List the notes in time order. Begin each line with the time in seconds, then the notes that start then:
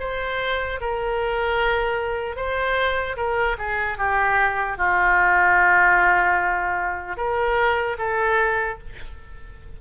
0.00 C5
0.80 A#4
2.36 C5
3.17 A#4
3.58 G#4
3.98 G4
4.77 F4
7.17 A#4
7.98 A4